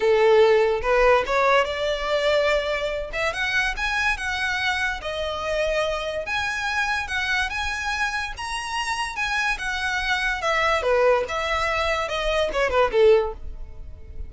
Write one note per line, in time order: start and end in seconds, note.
0.00 0.81 A4
0.82 1.23 B4
1.26 1.64 C#5
1.64 3.10 D5
3.12 3.33 E5
3.33 3.74 F#5
3.77 4.17 G#5
4.17 5.00 F#5
5.01 6.26 D#5
6.26 7.07 G#5
7.07 7.49 F#5
7.49 8.33 G#5
8.37 9.16 A#5
9.16 9.57 G#5
9.58 10.41 F#5
10.41 10.82 E5
10.82 11.24 B4
11.28 12.08 E5
12.08 12.50 D#5
12.52 12.70 C#5
12.70 12.91 B4
12.91 13.33 A4